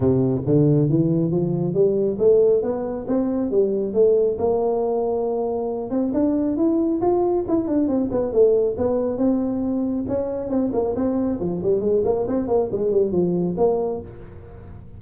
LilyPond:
\new Staff \with { instrumentName = "tuba" } { \time 4/4 \tempo 4 = 137 c4 d4 e4 f4 | g4 a4 b4 c'4 | g4 a4 ais2~ | ais4. c'8 d'4 e'4 |
f'4 e'8 d'8 c'8 b8 a4 | b4 c'2 cis'4 | c'8 ais8 c'4 f8 g8 gis8 ais8 | c'8 ais8 gis8 g8 f4 ais4 | }